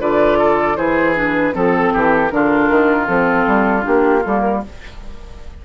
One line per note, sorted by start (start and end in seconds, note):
0.00 0.77 D3
0.00 0.76 F4
0.00 0.38 B4
0.00 0.76 D5
0.38 0.77 A4
0.76 1.54 E3
0.76 1.14 E4
0.76 1.54 G#4
0.76 1.15 C5
1.15 1.53 D4
1.15 1.55 B4
1.53 1.93 F3
1.53 2.29 C4
1.53 1.93 A4
1.53 2.29 A4
1.93 2.31 E3
1.93 2.32 G4
2.29 2.70 D3
2.29 3.07 D4
2.29 4.65 F4
2.29 3.06 A#4
2.70 3.08 D#3
3.07 3.46 F3
3.07 3.81 C4
3.07 3.84 A4
3.47 3.85 G3
3.81 4.25 A#3
3.81 4.20 D4
3.81 4.23 G4
4.24 4.64 G3
4.24 4.63 A#3
4.24 4.40 A4
4.40 4.59 A#4